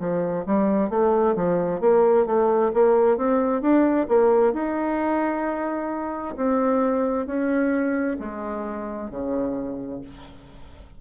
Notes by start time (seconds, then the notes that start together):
0.00 F3
0.46 G3
0.90 A3
1.36 F3
1.81 A#3
2.26 A3
2.74 A#3
3.18 C4
3.62 D4
4.09 A#3
4.54 D#4
6.37 C4
7.27 C#4
8.20 G#3
9.11 C#3